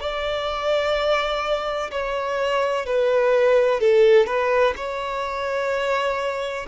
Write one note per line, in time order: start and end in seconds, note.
0.00 1.90 D5
1.91 2.86 C#5
2.86 3.80 B4
3.80 4.26 A4
4.26 4.74 B4
4.76 6.66 C#5